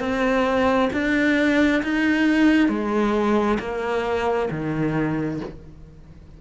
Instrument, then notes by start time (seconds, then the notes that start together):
cello
0.00 C4
0.94 D4
1.83 D#4
2.69 G#3
3.60 A#3
4.51 D#3